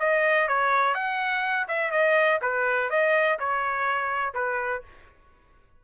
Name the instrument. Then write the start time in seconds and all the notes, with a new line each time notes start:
trumpet
0.00 D#5
0.48 C#5
0.95 F#5
1.68 E5
1.92 D#5
2.42 B4
2.90 D#5
3.40 C#5
4.35 B4